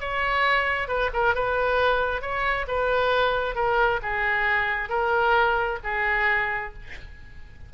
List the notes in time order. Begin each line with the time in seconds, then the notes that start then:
0.00 C#5
0.88 B4
1.13 A#4
1.35 B4
2.21 C#5
2.67 B4
3.55 A#4
4.02 G#4
4.89 A#4
5.83 G#4